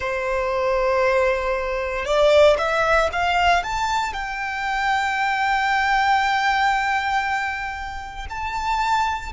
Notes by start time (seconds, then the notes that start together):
0.00 C5
2.05 D5
2.58 E5
3.12 F5
3.63 A5
4.13 G5
8.29 A5